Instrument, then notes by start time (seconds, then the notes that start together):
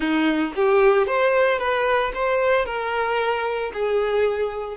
violin
0.00 D#4
0.55 G4
1.06 C5
1.58 B4
2.14 C5
2.65 A#4
3.73 G#4